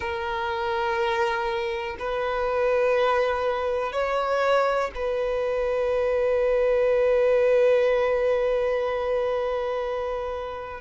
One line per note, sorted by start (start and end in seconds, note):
0.00 1.97 A#4
1.99 3.92 B4
3.92 4.90 C#5
4.94 10.81 B4